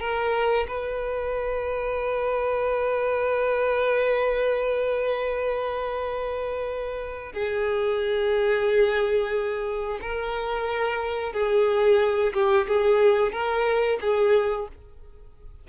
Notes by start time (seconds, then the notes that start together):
0.00 A#4
0.68 B4
7.32 G#4
10.02 A#4
11.33 G#4
12.33 G4
12.68 G#4
13.32 A#4
14.01 G#4